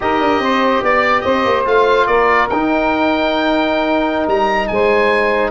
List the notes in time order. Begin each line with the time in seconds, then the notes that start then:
0.00 D#4 G4 A#4 D#5
0.19 D4
0.39 C4 C5
0.82 B3 D5
1.20 C4 C5 D#5
1.45 A#3
1.65 A3 F4 F5
2.06 A#3 A#4 D5
2.49 D#4 G5
4.27 G3 A#5
4.67 G#3 C5 G#5